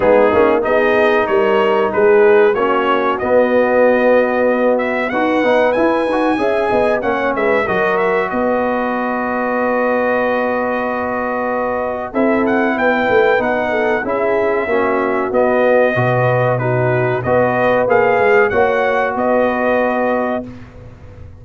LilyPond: <<
  \new Staff \with { instrumentName = "trumpet" } { \time 4/4 \tempo 4 = 94 gis'4 dis''4 cis''4 b'4 | cis''4 dis''2~ dis''8 e''8 | fis''4 gis''2 fis''8 e''8 | dis''8 e''8 dis''2.~ |
dis''2. e''8 fis''8 | g''4 fis''4 e''2 | dis''2 b'4 dis''4 | f''4 fis''4 dis''2 | }
  \new Staff \with { instrumentName = "horn" } { \time 4/4 dis'4 gis'4 ais'4 gis'4 | fis'1 | b'2 e''8 dis''8 cis''8 b'8 | ais'4 b'2.~ |
b'2. a'4 | b'4. a'8 gis'4 fis'4~ | fis'4 b'4 fis'4 b'4~ | b'4 cis''4 b'2 | }
  \new Staff \with { instrumentName = "trombone" } { \time 4/4 b8 cis'8 dis'2. | cis'4 b2. | fis'8 dis'8 e'8 fis'8 gis'4 cis'4 | fis'1~ |
fis'2. e'4~ | e'4 dis'4 e'4 cis'4 | b4 fis'4 dis'4 fis'4 | gis'4 fis'2. | }
  \new Staff \with { instrumentName = "tuba" } { \time 4/4 gis8 ais8 b4 g4 gis4 | ais4 b2. | dis'8 b8 e'8 dis'8 cis'8 b8 ais8 gis8 | fis4 b2.~ |
b2. c'4 | b8 a8 b4 cis'4 ais4 | b4 b,2 b4 | ais8 gis8 ais4 b2 | }
>>